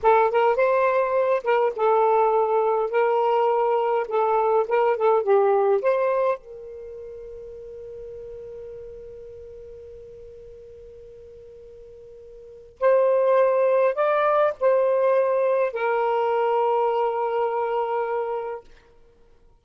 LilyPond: \new Staff \with { instrumentName = "saxophone" } { \time 4/4 \tempo 4 = 103 a'8 ais'8 c''4. ais'8 a'4~ | a'4 ais'2 a'4 | ais'8 a'8 g'4 c''4 ais'4~ | ais'1~ |
ais'1~ | ais'2 c''2 | d''4 c''2 ais'4~ | ais'1 | }